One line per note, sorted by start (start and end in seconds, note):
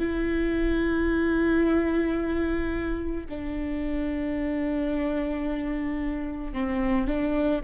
0.00 3.27 E4
3.30 6.54 D4
6.54 7.08 C4
7.08 7.62 D4